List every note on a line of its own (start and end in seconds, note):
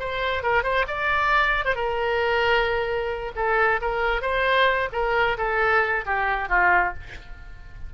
0.00 0.43 C5
0.43 0.63 A#4
0.63 0.86 C5
0.88 1.65 D5
1.65 1.75 C5
1.75 3.32 A#4
3.36 3.80 A4
3.81 4.22 A#4
4.22 4.89 C5
4.93 5.37 A#4
5.38 6.05 A4
6.06 6.49 G4
6.49 6.94 F4